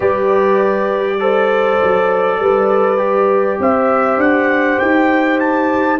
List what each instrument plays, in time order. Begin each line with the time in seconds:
0.00 tuba G3, trombone G4, horn B4, trumpet D5
1.19 trombone A4, horn C5
1.82 tuba F#3
2.39 tuba G3, horn B4
2.97 trombone G4
3.59 tuba C4, horn C5, trumpet E5
4.17 tuba D4, trumpet F#5
4.79 tuba D#4, trumpet G5
5.39 trumpet A5